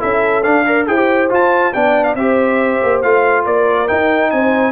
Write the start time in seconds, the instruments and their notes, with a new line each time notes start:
0.00 tuba C#4, trombone E4, horn A4, trumpet E5
0.43 trombone D4, tuba D4, trumpet F5
0.66 trombone A#4, horn D5
0.87 tuba E4, trombone G#4, horn C5, trumpet G5
0.98 trombone G4
1.30 trombone F4, tuba F4, trumpet A5
1.74 tuba B3, trombone D4, horn D5, trumpet G5
2.04 trumpet F5
2.15 tuba C4, trombone G4, horn C5, trumpet E5
2.83 tuba A#3
3.02 tuba A3, trombone F4, trumpet F5
3.44 tuba A#3, horn A#4, trumpet D5
3.88 trombone D#4, tuba D#4, trumpet G5
4.31 tuba C4, horn C5, trumpet G#5